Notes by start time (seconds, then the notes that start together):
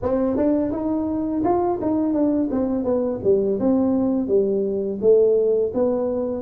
0.02 C4
0.36 D4
0.71 D#4
1.44 F4
1.81 D#4
2.13 D4
2.51 C4
2.84 B3
3.23 G3
3.59 C4
4.27 G3
5.01 A3
5.73 B3